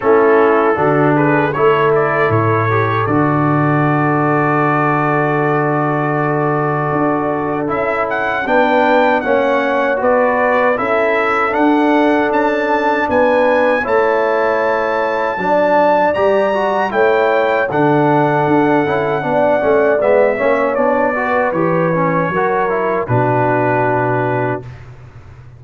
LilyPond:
<<
  \new Staff \with { instrumentName = "trumpet" } { \time 4/4 \tempo 4 = 78 a'4. b'8 cis''8 d''8 cis''4 | d''1~ | d''2 e''8 fis''8 g''4 | fis''4 d''4 e''4 fis''4 |
a''4 gis''4 a''2~ | a''4 ais''4 g''4 fis''4~ | fis''2 e''4 d''4 | cis''2 b'2 | }
  \new Staff \with { instrumentName = "horn" } { \time 4/4 e'4 fis'8 gis'8 a'2~ | a'1~ | a'2. b'4 | cis''4 b'4 a'2~ |
a'4 b'4 cis''2 | d''2 cis''4 a'4~ | a'4 d''4. cis''4 b'8~ | b'4 ais'4 fis'2 | }
  \new Staff \with { instrumentName = "trombone" } { \time 4/4 cis'4 d'4 e'4. g'8 | fis'1~ | fis'2 e'4 d'4 | cis'4 fis'4 e'4 d'4~ |
d'2 e'2 | d'4 g'8 fis'8 e'4 d'4~ | d'8 e'8 d'8 cis'8 b8 cis'8 d'8 fis'8 | g'8 cis'8 fis'8 e'8 d'2 | }
  \new Staff \with { instrumentName = "tuba" } { \time 4/4 a4 d4 a4 a,4 | d1~ | d4 d'4 cis'4 b4 | ais4 b4 cis'4 d'4 |
cis'4 b4 a2 | fis4 g4 a4 d4 | d'8 cis'8 b8 a8 gis8 ais8 b4 | e4 fis4 b,2 | }
>>